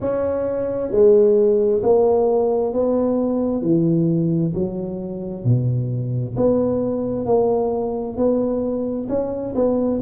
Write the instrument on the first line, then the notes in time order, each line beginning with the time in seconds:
tuba
0.00 C#4
0.91 G#3
1.82 A#3
2.73 B3
3.62 E3
4.54 F#3
5.44 B2
6.36 B3
7.25 A#3
8.16 B3
9.09 C#4
9.55 B3